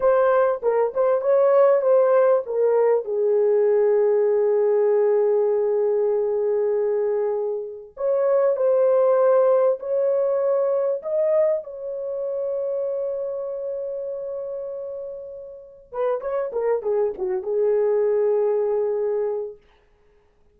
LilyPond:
\new Staff \with { instrumentName = "horn" } { \time 4/4 \tempo 4 = 98 c''4 ais'8 c''8 cis''4 c''4 | ais'4 gis'2.~ | gis'1~ | gis'4 cis''4 c''2 |
cis''2 dis''4 cis''4~ | cis''1~ | cis''2 b'8 cis''8 ais'8 gis'8 | fis'8 gis'2.~ gis'8 | }